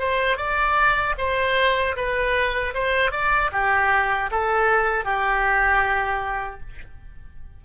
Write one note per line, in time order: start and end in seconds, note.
0.00 0.38 C5
0.38 1.15 D5
1.18 1.96 C5
1.97 2.74 B4
2.75 3.12 C5
3.12 3.51 D5
3.53 4.31 G4
4.32 5.05 A4
5.05 6.61 G4